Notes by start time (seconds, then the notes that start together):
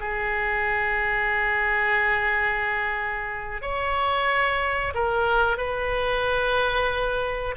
0.00 G#4
3.62 C#5
4.95 A#4
5.57 B4